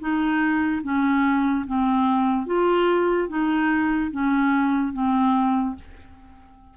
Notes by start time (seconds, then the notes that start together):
0.00 D#4
0.83 C#4
1.67 C4
2.47 F4
3.29 D#4
4.12 C#4
4.94 C4